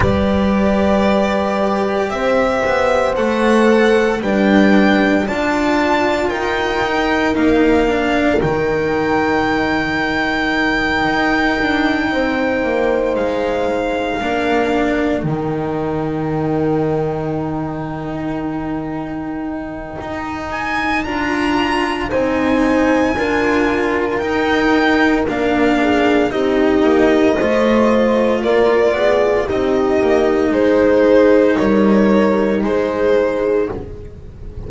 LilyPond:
<<
  \new Staff \with { instrumentName = "violin" } { \time 4/4 \tempo 4 = 57 d''2 e''4 fis''4 | g''4 a''4 g''4 f''4 | g''1~ | g''8 f''2 g''4.~ |
g''2.~ g''8 gis''8 | ais''4 gis''2 g''4 | f''4 dis''2 d''4 | dis''4 c''4 cis''4 c''4 | }
  \new Staff \with { instrumentName = "horn" } { \time 4/4 b'2 c''2 | b'4 d''4 ais'2~ | ais'2.~ ais'8 c''8~ | c''4. ais'2~ ais'8~ |
ais'1~ | ais'4 c''4 ais'2~ | ais'8 gis'8 g'4 c''4 ais'8 gis'8 | g'4 gis'4 ais'4 gis'4 | }
  \new Staff \with { instrumentName = "cello" } { \time 4/4 g'2. a'4 | d'4 f'4. dis'4 d'8 | dis'1~ | dis'4. d'4 dis'4.~ |
dis'1 | f'4 dis'4 f'4 dis'4 | d'4 dis'4 f'2 | dis'1 | }
  \new Staff \with { instrumentName = "double bass" } { \time 4/4 g2 c'8 b8 a4 | g4 d'4 dis'4 ais4 | dis2~ dis8 dis'8 d'8 c'8 | ais8 gis4 ais4 dis4.~ |
dis2. dis'4 | d'4 c'4 d'4 dis'4 | ais4 c'8 ais8 a4 ais8 b8 | c'8 ais8 gis4 g4 gis4 | }
>>